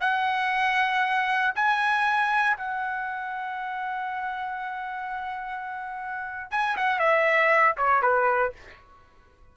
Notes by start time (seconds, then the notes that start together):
0.00 F#5
1.55 G#5
2.57 F#5
6.51 G#5
6.77 F#5
6.99 E5
7.77 C#5
8.02 B4